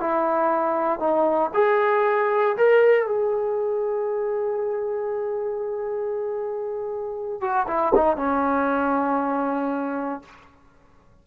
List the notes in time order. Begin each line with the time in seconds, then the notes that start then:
0.00 E4
0.99 D#4
1.54 G#4
2.57 A#4
3.06 G#4
7.41 F#4
7.67 E4
7.95 D#4
8.17 C#4